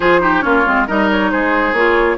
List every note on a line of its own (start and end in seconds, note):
0.00 0.43 F3
0.00 0.20 F4
0.00 0.20 G#4
0.00 0.40 C5
0.20 0.42 D#4
0.20 0.44 G4
0.40 0.66 A#3
0.40 0.63 C#4
0.40 0.87 F4
0.40 0.84 C#5
0.65 0.88 G#3
0.65 0.87 C4
0.87 1.32 G3
0.87 1.74 D#4
0.87 1.30 A#4
0.87 1.09 D#5
1.10 1.30 C#5
1.30 1.73 G#3
1.30 2.17 G#4
1.30 1.74 C5
1.73 2.16 A#3
1.73 2.17 F4
1.73 2.17 C#5